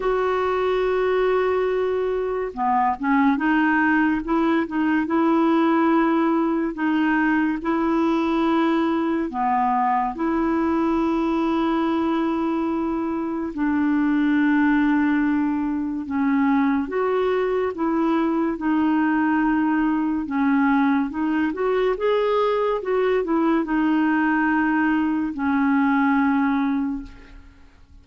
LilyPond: \new Staff \with { instrumentName = "clarinet" } { \time 4/4 \tempo 4 = 71 fis'2. b8 cis'8 | dis'4 e'8 dis'8 e'2 | dis'4 e'2 b4 | e'1 |
d'2. cis'4 | fis'4 e'4 dis'2 | cis'4 dis'8 fis'8 gis'4 fis'8 e'8 | dis'2 cis'2 | }